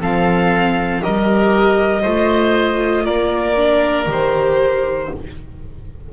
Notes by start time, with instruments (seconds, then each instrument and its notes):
0.00 double bass F3, viola C4, oboe A4, violin F5
1.01 double bass G3, viola G4, oboe A#4, violin D#5
2.02 double bass A3, viola F4, oboe C5
3.05 double bass A#3, oboe A#4, violin D5
3.56 viola D4
4.06 double bass D#3, viola G4, violin C5